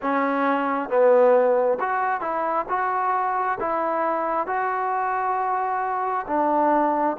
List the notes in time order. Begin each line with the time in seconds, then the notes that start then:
0.02 C#4
0.89 B3
1.80 F#4
2.20 E4
2.69 F#4
3.60 E4
4.47 F#4
6.27 D4